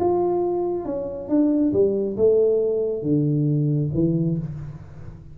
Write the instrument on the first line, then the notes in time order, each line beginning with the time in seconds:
tuba
0.00 F4
0.86 C#4
1.29 D4
1.73 G3
2.17 A3
3.03 D3
3.95 E3